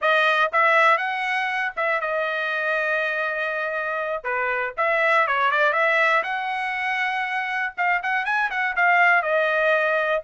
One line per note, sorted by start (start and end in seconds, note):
0.01 0.51 D#5
0.52 0.97 E5
0.97 1.72 F#5
1.76 2.00 E5
2.00 4.23 D#5
4.23 4.73 B4
4.77 5.27 E5
5.27 5.51 C#5
5.51 5.72 D5
5.72 6.22 E5
6.23 7.73 F#5
7.77 8.02 F5
8.03 8.25 F#5
8.25 8.50 G#5
8.50 8.75 F#5
8.75 9.22 F5
9.22 10.22 D#5